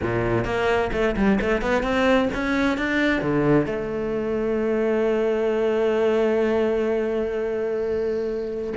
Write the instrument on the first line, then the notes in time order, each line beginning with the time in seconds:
cello
0.01 A#2
0.44 A#3
0.92 A3
1.16 G3
1.41 A3
1.61 B3
1.82 C4
2.34 C#4
2.77 D4
3.21 D3
3.65 A3